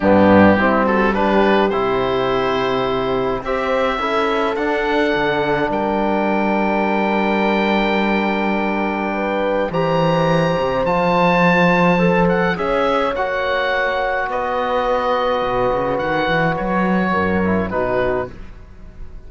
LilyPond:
<<
  \new Staff \with { instrumentName = "oboe" } { \time 4/4 \tempo 4 = 105 g'4. a'8 b'4 c''4~ | c''2 e''2 | fis''2 g''2~ | g''1~ |
g''4 ais''2 a''4~ | a''4. fis''8 e''4 fis''4~ | fis''4 dis''2. | fis''4 cis''2 b'4 | }
  \new Staff \with { instrumentName = "horn" } { \time 4/4 d'4 e'8 fis'8 g'2~ | g'2 c''4 a'4~ | a'2 ais'2~ | ais'1 |
b'4 c''2.~ | c''2 cis''2~ | cis''4 b'2.~ | b'2 ais'4 fis'4 | }
  \new Staff \with { instrumentName = "trombone" } { \time 4/4 b4 c'4 d'4 e'4~ | e'2 g'4 e'4 | d'1~ | d'1~ |
d'4 g'2 f'4~ | f'4 a'4 gis'4 fis'4~ | fis'1~ | fis'2~ fis'8 e'8 dis'4 | }
  \new Staff \with { instrumentName = "cello" } { \time 4/4 g,4 g2 c4~ | c2 c'4 cis'4 | d'4 d4 g2~ | g1~ |
g4 e4. c8 f4~ | f2 cis'4 ais4~ | ais4 b2 b,8 cis8 | dis8 e8 fis4 fis,4 b,4 | }
>>